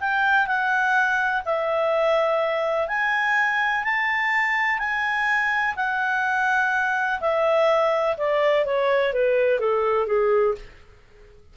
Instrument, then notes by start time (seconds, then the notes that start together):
clarinet
0.00 G5
0.47 F#5
1.45 E5
2.88 G#5
3.84 A5
4.79 G#5
5.76 F#5
7.20 E5
8.17 D5
8.65 C#5
9.13 B4
9.60 A4
10.07 G#4